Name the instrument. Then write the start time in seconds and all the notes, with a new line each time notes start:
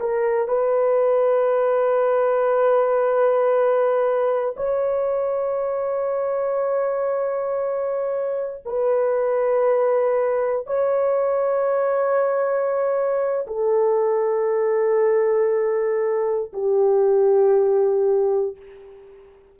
horn
0.00 A#4
0.48 B4
4.57 C#5
8.66 B4
10.67 C#5
13.47 A4
16.53 G4